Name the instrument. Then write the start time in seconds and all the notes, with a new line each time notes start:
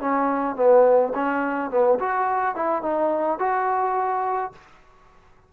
trombone
0.00 C#4
0.56 B3
1.15 C#4
1.71 B3
2.00 F#4
2.55 E4
2.82 D#4
3.39 F#4